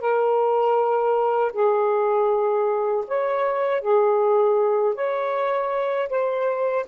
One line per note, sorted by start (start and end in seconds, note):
0.00 1.52 A#4
1.52 3.04 G#4
3.08 3.81 C#5
3.81 4.94 G#4
4.94 6.08 C#5
6.09 6.85 C5